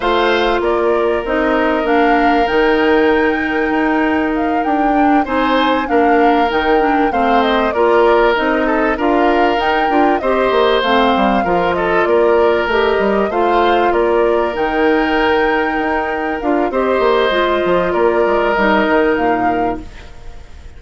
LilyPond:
<<
  \new Staff \with { instrumentName = "flute" } { \time 4/4 \tempo 4 = 97 f''4 d''4 dis''4 f''4 | g''2. f''8 g''8~ | g''8 gis''4 f''4 g''4 f''8 | dis''8 d''4 dis''4 f''4 g''8~ |
g''8 dis''4 f''4. dis''8 d''8~ | d''8 dis''4 f''4 d''4 g''8~ | g''2~ g''8 f''8 dis''4~ | dis''4 d''4 dis''4 f''4 | }
  \new Staff \with { instrumentName = "oboe" } { \time 4/4 c''4 ais'2.~ | ais'1~ | ais'8 c''4 ais'2 c''8~ | c''8 ais'4. a'8 ais'4.~ |
ais'8 c''2 ais'8 a'8 ais'8~ | ais'4. c''4 ais'4.~ | ais'2. c''4~ | c''4 ais'2. | }
  \new Staff \with { instrumentName = "clarinet" } { \time 4/4 f'2 dis'4 d'4 | dis'1 | d'8 dis'4 d'4 dis'8 d'8 c'8~ | c'8 f'4 dis'4 f'4 dis'8 |
f'8 g'4 c'4 f'4.~ | f'8 g'4 f'2 dis'8~ | dis'2~ dis'8 f'8 g'4 | f'2 dis'2 | }
  \new Staff \with { instrumentName = "bassoon" } { \time 4/4 a4 ais4 c'4 ais4 | dis2 dis'4. d'8~ | d'8 c'4 ais4 dis4 a8~ | a8 ais4 c'4 d'4 dis'8 |
d'8 c'8 ais8 a8 g8 f4 ais8~ | ais8 a8 g8 a4 ais4 dis8~ | dis4. dis'4 d'8 c'8 ais8 | gis8 f8 ais8 gis8 g8 dis8 ais,4 | }
>>